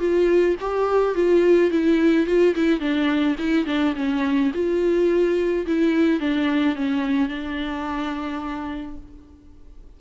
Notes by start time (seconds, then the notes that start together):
0.00 F4
0.61 G4
1.15 F4
1.72 E4
2.27 F4
2.56 E4
2.81 D4
3.39 E4
3.67 D4
3.96 C#4
4.54 F4
5.67 E4
6.20 D4
6.76 C#4
7.29 D4